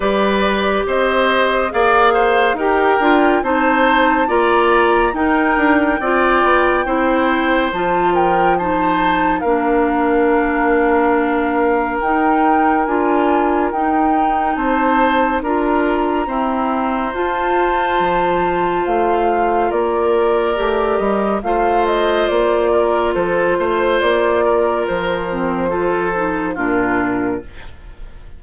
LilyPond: <<
  \new Staff \with { instrumentName = "flute" } { \time 4/4 \tempo 4 = 70 d''4 dis''4 f''4 g''4 | a''4 ais''4 g''2~ | g''4 a''8 g''8 a''4 f''4~ | f''2 g''4 gis''4 |
g''4 a''4 ais''2 | a''2 f''4 d''4~ | d''8 dis''8 f''8 dis''8 d''4 c''4 | d''4 c''2 ais'4 | }
  \new Staff \with { instrumentName = "oboe" } { \time 4/4 b'4 c''4 d''8 c''8 ais'4 | c''4 d''4 ais'4 d''4 | c''4. ais'8 c''4 ais'4~ | ais'1~ |
ais'4 c''4 ais'4 c''4~ | c''2. ais'4~ | ais'4 c''4. ais'8 a'8 c''8~ | c''8 ais'4. a'4 f'4 | }
  \new Staff \with { instrumentName = "clarinet" } { \time 4/4 g'2 gis'4 g'8 f'8 | dis'4 f'4 dis'4 f'4 | e'4 f'4 dis'4 d'4~ | d'2 dis'4 f'4 |
dis'2 f'4 c'4 | f'1 | g'4 f'2.~ | f'4. c'8 f'8 dis'8 d'4 | }
  \new Staff \with { instrumentName = "bassoon" } { \time 4/4 g4 c'4 ais4 dis'8 d'8 | c'4 ais4 dis'8 d'8 c'8 b8 | c'4 f2 ais4~ | ais2 dis'4 d'4 |
dis'4 c'4 d'4 e'4 | f'4 f4 a4 ais4 | a8 g8 a4 ais4 f8 a8 | ais4 f2 ais,4 | }
>>